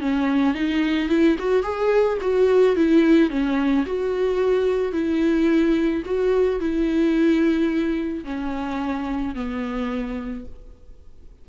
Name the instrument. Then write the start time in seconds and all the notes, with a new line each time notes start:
viola
0.00 C#4
0.54 D#4
1.09 E4
1.39 F#4
1.63 G#4
2.21 F#4
2.76 E4
3.30 C#4
3.86 F#4
4.92 E4
6.05 F#4
6.60 E4
8.24 C#4
9.35 B3